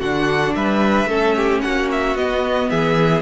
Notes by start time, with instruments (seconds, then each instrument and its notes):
0.00 cello D3, viola D4, violin F#4 F#5
0.55 cello G3, violin B4 E5
1.06 cello A3, viola C#4, violin A4
1.36 violin G4
1.61 cello A#3, violin F#4 F#5
1.91 violin E5
2.15 cello B3, viola B3, violin D#5
2.70 cello E3, violin G#4 E5